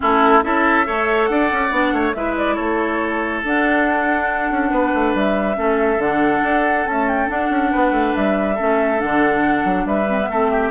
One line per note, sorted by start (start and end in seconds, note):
0.00 0.44 A3
0.00 0.42 C#4
0.00 0.44 E4
0.00 0.43 A4
0.42 0.87 C#4
0.42 0.85 E4
0.42 0.86 A4
0.42 1.25 E5
0.85 1.29 A3
0.85 1.71 A4
0.85 1.29 C#5
1.25 1.51 D4
1.25 1.94 D5
1.25 2.11 F#5
1.51 1.71 C#4
1.71 1.92 B3
1.71 2.14 D4
1.92 2.13 A3
1.92 2.15 C#5
2.13 2.58 G#3
2.13 3.44 E4
2.13 2.55 B4
2.13 2.35 E5
2.37 2.55 D5
2.55 3.43 A3
2.55 4.69 A4
2.55 3.41 C#5
3.43 4.51 D4
3.43 5.54 D4
3.43 5.16 F#5
4.51 4.70 C#4
4.70 4.92 B3
4.70 5.56 B4
4.94 5.14 A3
5.14 5.57 G3
5.14 6.01 E5
5.54 5.97 A3
5.54 5.97 C#4
5.54 7.71 A4
5.97 6.40 D3
5.97 6.86 D4
5.97 6.86 F#5
6.43 6.86 D4
6.86 7.27 A3
6.86 7.28 C#4
6.86 7.07 A5
7.07 7.29 G5
7.27 8.55 D4
7.27 7.49 D4
7.27 8.15 F#5
7.49 7.71 C#4
7.71 7.91 B3
7.71 8.55 B4
7.91 8.12 A3
8.15 8.59 G3
8.15 9.00 E5
8.55 9.02 A3
8.55 8.98 C#4
8.55 9.83 A4
8.98 9.64 D3
8.98 10.05 D4
8.98 9.86 F#5
9.64 9.85 F#3
9.85 10.27 G3
9.85 10.29 B4
9.85 10.71 E5
10.08 10.19 C4
10.20 10.30 B3
10.29 10.71 A3
10.29 10.71 C4
10.29 10.50 A4
10.50 10.71 G4